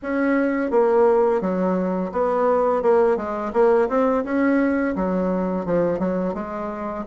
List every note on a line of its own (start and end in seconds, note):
0.02 0.71 C#4
0.71 1.41 A#3
1.41 2.11 F#3
2.12 2.82 B3
2.82 3.16 A#3
3.16 3.52 G#3
3.53 3.88 A#3
3.88 4.24 C4
4.24 4.94 C#4
4.95 5.65 F#3
5.65 5.99 F3
5.99 6.34 F#3
6.34 7.04 G#3